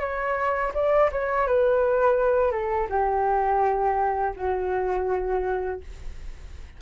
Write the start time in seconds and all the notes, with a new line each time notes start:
0.00 C#5
0.74 D5
1.12 C#5
1.47 B4
2.52 A4
2.89 G4
4.36 F#4